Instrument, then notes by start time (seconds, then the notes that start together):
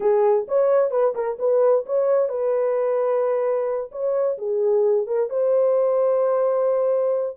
horn
0.00 G#4
0.48 C#5
0.90 B4
1.14 A#4
1.38 B4
1.86 C#5
2.28 B4
3.91 C#5
4.37 G#4
5.06 A#4
5.29 C5